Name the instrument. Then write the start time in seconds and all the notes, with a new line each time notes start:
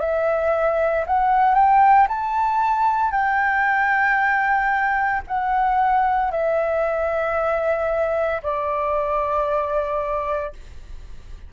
flute
0.00 E5
1.07 F#5
1.55 G5
2.09 A5
3.12 G5
5.28 F#5
6.31 E5
8.43 D5